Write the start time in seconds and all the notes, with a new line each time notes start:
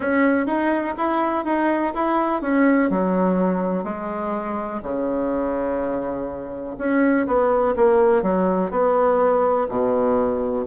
0.00 C#4
0.46 D#4
0.97 E4
1.44 D#4
1.94 E4
2.41 C#4
2.90 F#3
3.84 G#3
4.83 C#3
6.77 C#4
7.26 B3
7.76 A#3
8.22 F#3
8.71 B3
9.69 B2